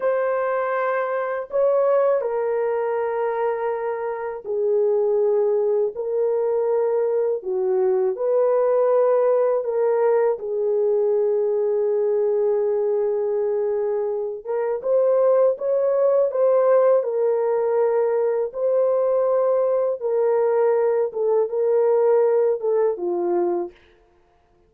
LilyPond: \new Staff \with { instrumentName = "horn" } { \time 4/4 \tempo 4 = 81 c''2 cis''4 ais'4~ | ais'2 gis'2 | ais'2 fis'4 b'4~ | b'4 ais'4 gis'2~ |
gis'2.~ gis'8 ais'8 | c''4 cis''4 c''4 ais'4~ | ais'4 c''2 ais'4~ | ais'8 a'8 ais'4. a'8 f'4 | }